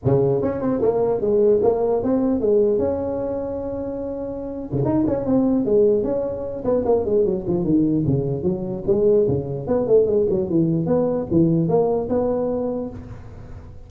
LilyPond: \new Staff \with { instrumentName = "tuba" } { \time 4/4 \tempo 4 = 149 cis4 cis'8 c'8 ais4 gis4 | ais4 c'4 gis4 cis'4~ | cis'2.~ cis'8. cis16 | dis'8 cis'8 c'4 gis4 cis'4~ |
cis'8 b8 ais8 gis8 fis8 f8 dis4 | cis4 fis4 gis4 cis4 | b8 a8 gis8 fis8 e4 b4 | e4 ais4 b2 | }